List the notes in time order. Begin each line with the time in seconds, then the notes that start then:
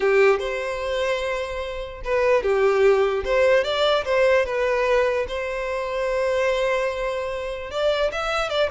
0.00 G4
0.39 C5
2.04 B4
2.42 G4
3.24 C5
3.64 D5
4.04 C5
4.45 B4
5.28 C5
7.70 D5
8.12 E5
8.49 D5